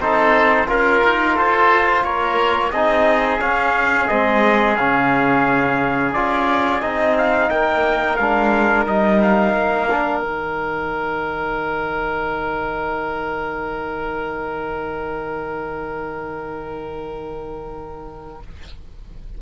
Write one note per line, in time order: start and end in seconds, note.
0.00 0.68 C4
0.00 0.67 D#4
0.00 0.68 A4
0.00 0.69 C5
0.67 1.03 C#4
0.67 2.72 F4
0.67 1.35 A#4
0.67 1.38 A#4
1.04 1.38 D#4
1.35 2.04 F4
1.35 2.03 A4
1.35 2.04 C5
2.04 2.72 A#3
2.04 2.73 A#4
2.04 2.72 C#5
2.72 3.41 C4
2.72 3.40 D#4
2.72 7.50 G#4
2.72 3.40 D#5
3.40 4.08 C#4
3.40 4.10 C#4
3.40 4.08 F5
4.08 4.79 G#3
4.08 4.77 C4
4.08 4.76 D#5
4.77 6.16 C#3
4.77 6.14 C#4
4.77 6.13 F5
6.13 6.82 C#4
6.13 6.82 F4
6.13 6.81 D5
6.81 7.51 C4
6.81 8.18 D#4
6.81 7.15 D#5
7.18 7.50 F5
7.50 8.18 A#3
7.50 18.42 A#4
7.50 8.17 G5
8.17 8.86 G#3
8.17 8.87 D4
8.17 8.85 F5
8.86 9.54 G3
8.86 9.89 D#4
8.86 9.21 D#5
9.23 10.21 F5
9.54 10.22 A#3
9.91 10.23 D4
10.21 18.41 D#3
10.21 18.41 D#4
10.21 18.39 G5